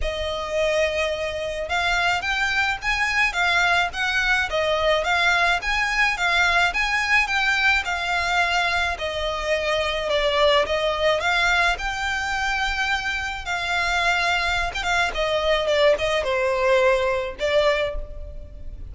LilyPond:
\new Staff \with { instrumentName = "violin" } { \time 4/4 \tempo 4 = 107 dis''2. f''4 | g''4 gis''4 f''4 fis''4 | dis''4 f''4 gis''4 f''4 | gis''4 g''4 f''2 |
dis''2 d''4 dis''4 | f''4 g''2. | f''2~ f''16 g''16 f''8 dis''4 | d''8 dis''8 c''2 d''4 | }